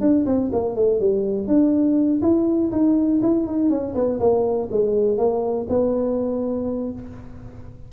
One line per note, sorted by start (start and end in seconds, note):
0.00 0.25 D4
0.26 0.50 C4
0.52 0.75 A#3
0.75 1.00 A3
1.00 1.47 G3
1.47 2.21 D4
2.22 2.71 E4
2.71 3.20 D#4
3.22 3.46 E4
3.46 3.69 D#4
3.69 3.94 C#4
3.95 4.19 B3
4.19 4.69 A#3
4.71 5.17 G#3
5.17 5.66 A#3
5.69 6.92 B3